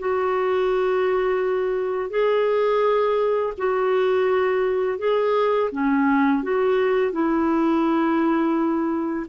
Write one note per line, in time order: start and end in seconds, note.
0.00 2.11 F#4
2.11 3.54 G#4
3.58 4.99 F#4
4.99 5.70 G#4
5.72 6.44 C#4
6.44 7.13 F#4
7.13 9.27 E4